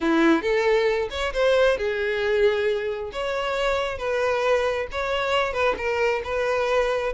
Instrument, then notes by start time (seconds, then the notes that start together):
violin
0.01 E4
0.42 A4
1.10 C#5
1.33 C5
1.77 G#4
3.12 C#5
3.98 B4
4.91 C#5
5.53 B4
5.77 A#4
6.24 B4